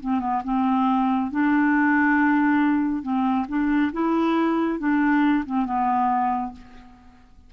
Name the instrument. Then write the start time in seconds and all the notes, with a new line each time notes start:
clarinet
0.00 C4
0.20 B3
0.44 C4
1.31 D4
3.03 C4
3.48 D4
3.93 E4
4.79 D4
5.45 C4
5.65 B3